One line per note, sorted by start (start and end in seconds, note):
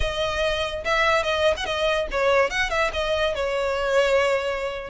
0.00 0.84 D#5
0.84 1.23 E5
1.23 1.54 D#5
1.56 1.65 F#5
1.65 2.07 D#5
2.11 2.50 C#5
2.50 2.70 F#5
2.70 2.91 E5
2.93 3.34 D#5
3.34 4.89 C#5